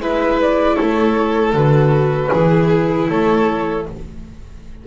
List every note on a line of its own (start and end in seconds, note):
0.00 0.77 G#3
0.00 1.54 E4
0.00 0.75 B4
0.00 0.40 E5
0.41 0.75 D5
0.75 1.53 A3
0.75 2.29 A4
0.75 1.52 C#5
1.53 2.30 D3
1.53 2.31 F#4
1.53 3.09 B4
2.33 3.09 E3
2.33 3.87 E4
2.33 3.09 G#4
3.09 3.86 A3
3.09 3.86 A4
3.09 3.86 C#5